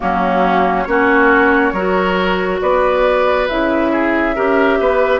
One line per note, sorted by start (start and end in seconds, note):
0.00 0.86 F#3
0.00 0.86 A#3
0.00 0.88 C#4
0.00 0.84 F#4
0.84 1.72 A#3
0.84 1.74 C#4
0.84 1.73 F#4
0.84 2.58 C#5
1.72 2.59 F#3
1.72 3.49 F#4
1.72 2.60 A#4
2.61 3.49 B3
2.61 3.91 B4
2.61 3.48 D5
3.48 4.36 C#3
3.48 4.35 E4
3.48 5.19 E5
3.91 4.35 G#4
4.35 4.79 C#4
4.35 5.19 G4
4.35 4.78 A#4
4.79 5.19 B3
4.79 5.19 B4